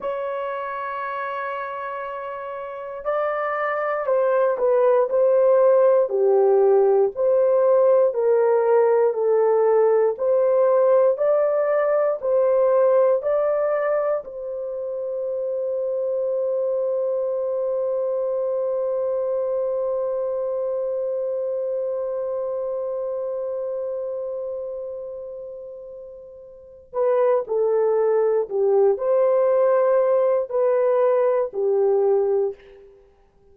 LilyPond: \new Staff \with { instrumentName = "horn" } { \time 4/4 \tempo 4 = 59 cis''2. d''4 | c''8 b'8 c''4 g'4 c''4 | ais'4 a'4 c''4 d''4 | c''4 d''4 c''2~ |
c''1~ | c''1~ | c''2~ c''8 b'8 a'4 | g'8 c''4. b'4 g'4 | }